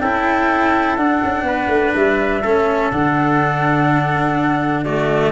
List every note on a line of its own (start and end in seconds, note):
0.00 0.98 C#4
0.00 0.98 E4
0.00 1.46 A4
0.00 0.96 G5
0.96 1.22 D4
0.96 2.43 D4
0.96 1.93 F#5
1.24 1.43 C#4
1.43 1.67 B3
1.43 2.42 B4
1.67 1.91 A3
1.95 2.43 G3
1.95 2.91 E5
2.42 2.91 A3
2.42 2.93 C#4
2.42 4.84 A4
2.91 5.32 D3
2.91 4.85 D4
2.91 4.84 F#5
4.84 5.32 A3
4.84 5.32 F#4
4.84 5.32 D5